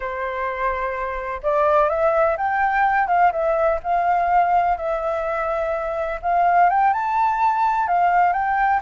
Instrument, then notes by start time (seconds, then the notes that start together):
flute
0.00 C5
1.42 D5
1.89 E5
2.37 G5
3.07 F5
3.32 E5
3.83 F5
4.77 E5
6.21 F5
6.69 G5
6.93 A5
7.87 F5
8.32 G5